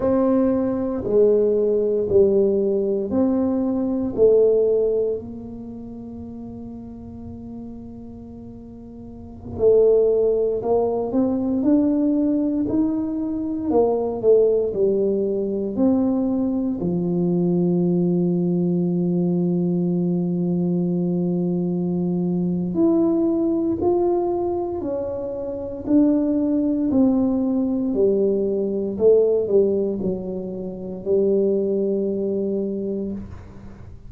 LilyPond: \new Staff \with { instrumentName = "tuba" } { \time 4/4 \tempo 4 = 58 c'4 gis4 g4 c'4 | a4 ais2.~ | ais4~ ais16 a4 ais8 c'8 d'8.~ | d'16 dis'4 ais8 a8 g4 c'8.~ |
c'16 f2.~ f8.~ | f2 e'4 f'4 | cis'4 d'4 c'4 g4 | a8 g8 fis4 g2 | }